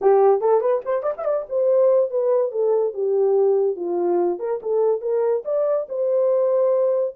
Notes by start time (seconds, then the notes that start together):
0.01 G4
0.40 A4
0.60 B4
0.85 C5
1.03 D5
1.17 E5
1.25 D5
1.49 C5
2.10 B4
2.51 A4
2.93 G4
3.76 F4
4.39 A#4
4.62 A4
5.01 A#4
5.45 D5
5.88 C5